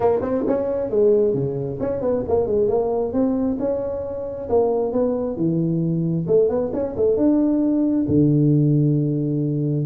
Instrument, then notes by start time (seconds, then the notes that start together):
tuba
0.00 A#3
0.21 C4
0.47 C#4
0.90 G#3
1.34 C#3
1.80 C#4
2.01 B3
2.28 A#3
2.46 G#3
2.67 A#3
3.12 C4
3.59 C#4
4.49 A#3
4.92 B3
5.36 E3
6.27 A3
6.49 B3
6.73 C#4
6.96 A3
7.16 D4
8.07 D3